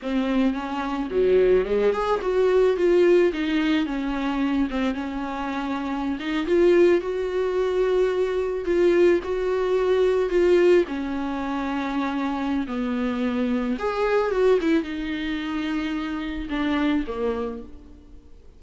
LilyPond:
\new Staff \with { instrumentName = "viola" } { \time 4/4 \tempo 4 = 109 c'4 cis'4 fis4 gis8 gis'8 | fis'4 f'4 dis'4 cis'4~ | cis'8 c'8 cis'2~ cis'16 dis'8 f'16~ | f'8. fis'2. f'16~ |
f'8. fis'2 f'4 cis'16~ | cis'2. b4~ | b4 gis'4 fis'8 e'8 dis'4~ | dis'2 d'4 ais4 | }